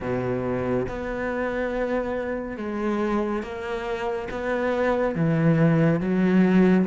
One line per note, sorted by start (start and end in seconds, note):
0.00 0.86 B2
0.88 2.57 B3
2.57 3.42 G#3
3.42 4.28 A#3
4.31 5.15 B3
5.15 6.00 E3
6.00 6.86 F#3